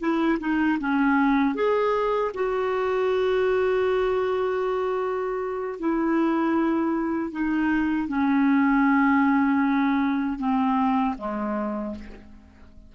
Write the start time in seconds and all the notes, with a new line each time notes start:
0.00 E4
0.40 D#4
0.80 C#4
1.55 G#4
2.34 F#4
5.79 E4
7.32 D#4
8.08 C#4
10.39 C4
11.18 G#3